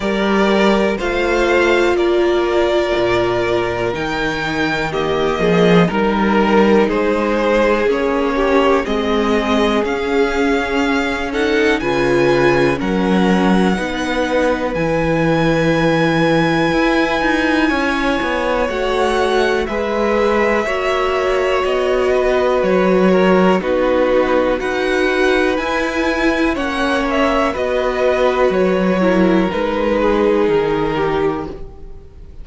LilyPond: <<
  \new Staff \with { instrumentName = "violin" } { \time 4/4 \tempo 4 = 61 d''4 f''4 d''2 | g''4 dis''4 ais'4 c''4 | cis''4 dis''4 f''4. fis''8 | gis''4 fis''2 gis''4~ |
gis''2. fis''4 | e''2 dis''4 cis''4 | b'4 fis''4 gis''4 fis''8 e''8 | dis''4 cis''4 b'4 ais'4 | }
  \new Staff \with { instrumentName = "violin" } { \time 4/4 ais'4 c''4 ais'2~ | ais'4 g'8 gis'8 ais'4 gis'4~ | gis'8 g'8 gis'2~ gis'8 a'8 | b'4 ais'4 b'2~ |
b'2 cis''2 | b'4 cis''4. b'4 ais'8 | fis'4 b'2 cis''4 | b'4. ais'4 gis'4 g'8 | }
  \new Staff \with { instrumentName = "viola" } { \time 4/4 g'4 f'2. | dis'4 ais4 dis'2 | cis'4 c'4 cis'4. dis'8 | f'4 cis'4 dis'4 e'4~ |
e'2. fis'4 | gis'4 fis'2. | dis'4 fis'4 e'4 cis'4 | fis'4. e'8 dis'2 | }
  \new Staff \with { instrumentName = "cello" } { \time 4/4 g4 a4 ais4 ais,4 | dis4. f8 g4 gis4 | ais4 gis4 cis'2 | cis4 fis4 b4 e4~ |
e4 e'8 dis'8 cis'8 b8 a4 | gis4 ais4 b4 fis4 | b4 dis'4 e'4 ais4 | b4 fis4 gis4 dis4 | }
>>